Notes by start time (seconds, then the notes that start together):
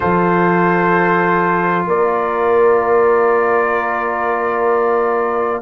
0.00 F3 F4 A4 C5
1.86 A#3 A#4 D5